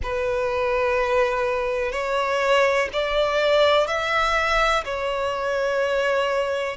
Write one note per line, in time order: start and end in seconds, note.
0.02 1.92 B4
1.92 2.89 C#5
2.93 3.87 D5
3.87 4.83 E5
4.84 6.77 C#5